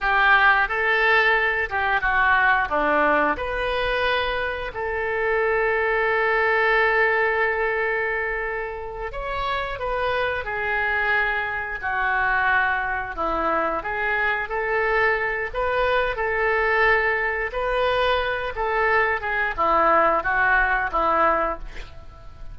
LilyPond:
\new Staff \with { instrumentName = "oboe" } { \time 4/4 \tempo 4 = 89 g'4 a'4. g'8 fis'4 | d'4 b'2 a'4~ | a'1~ | a'4. cis''4 b'4 gis'8~ |
gis'4. fis'2 e'8~ | e'8 gis'4 a'4. b'4 | a'2 b'4. a'8~ | a'8 gis'8 e'4 fis'4 e'4 | }